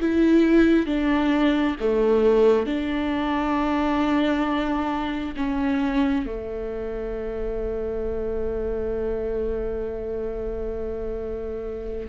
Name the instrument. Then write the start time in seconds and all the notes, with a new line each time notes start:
viola
0.00 E4
0.86 D4
1.80 A3
2.66 D4
5.36 C#4
6.26 A3